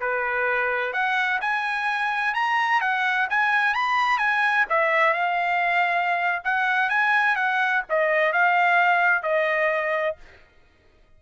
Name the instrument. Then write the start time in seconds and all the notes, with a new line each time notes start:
trumpet
0.00 B4
0.93 F#5
1.41 G#5
2.34 A#5
2.81 F#5
3.30 G#5
3.74 B5
4.18 G#5
4.69 E5
5.13 F5
6.44 F#5
6.89 G#5
7.36 F#5
7.89 D#5
8.32 F5
9.22 D#5